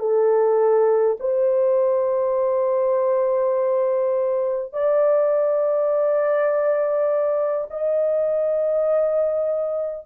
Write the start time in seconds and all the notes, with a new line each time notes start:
0.00 A4
1.20 C5
4.73 D5
7.71 D#5